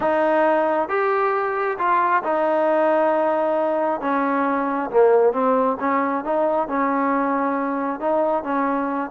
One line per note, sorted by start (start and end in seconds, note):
0.00 0.88 D#4
0.88 1.77 G4
1.78 2.23 F4
2.23 4.01 D#4
4.01 4.89 C#4
4.90 5.33 A#3
5.33 5.77 C4
5.80 6.24 C#4
6.24 6.67 D#4
6.67 7.99 C#4
7.99 8.43 D#4
8.43 9.10 C#4